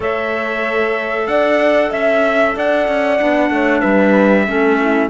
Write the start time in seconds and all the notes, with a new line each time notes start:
0.00 A3 A4 C#5 E5
1.27 D4 D5 F#5
1.90 C#4 E5
2.56 D4 D5 F#5
2.87 C#4
3.19 B3 D4
3.49 A3 C#5
3.80 G3 B4 E5
4.46 A3 C#4 A4
4.80 E4